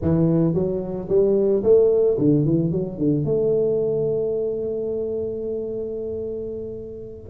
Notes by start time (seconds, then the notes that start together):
0.01 E3
0.54 F#3
1.08 G3
1.63 A3
2.18 D3
2.45 E3
2.71 F#3
2.98 D3
3.24 A3